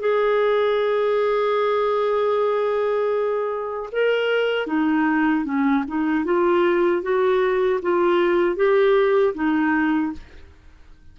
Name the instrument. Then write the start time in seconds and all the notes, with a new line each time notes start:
clarinet
0.00 G#4
3.92 A#4
4.67 D#4
5.45 C#4
5.88 D#4
6.25 F4
7.02 F#4
7.82 F4
8.56 G4
9.35 D#4